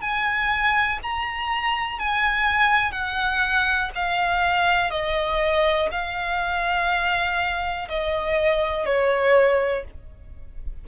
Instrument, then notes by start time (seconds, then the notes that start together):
violin
0.00 G#5
1.02 A#5
1.99 G#5
2.91 F#5
3.95 F5
4.90 D#5
5.91 F5
7.88 D#5
8.86 C#5